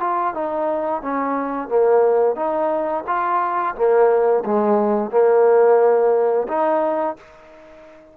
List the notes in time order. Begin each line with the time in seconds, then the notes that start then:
0.00 F4
0.34 D#4
1.02 C#4
1.69 A#3
2.36 D#4
3.07 F4
3.75 A#3
4.45 G#3
5.11 A#3
6.48 D#4